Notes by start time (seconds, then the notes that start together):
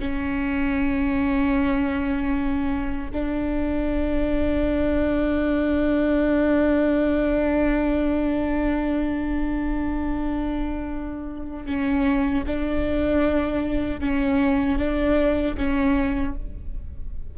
0.00 C#4
3.12 D4
11.66 C#4
12.47 D4
14.00 C#4
14.78 D4
15.57 C#4